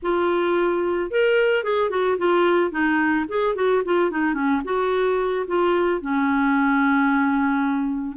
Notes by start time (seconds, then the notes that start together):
0.02 F4
1.11 A#4
1.63 G#4
1.90 F#4
2.18 F4
2.71 D#4
3.28 G#4
3.55 F#4
3.84 F4
4.11 D#4
4.34 C#4
4.64 F#4
5.47 F4
6.01 C#4